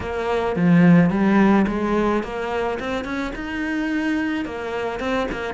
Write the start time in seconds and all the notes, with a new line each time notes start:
0.00 A#3
0.56 F3
1.10 G3
1.67 G#3
2.23 A#3
2.79 C4
3.04 C#4
3.35 D#4
4.45 A#3
4.99 C4
5.31 A#3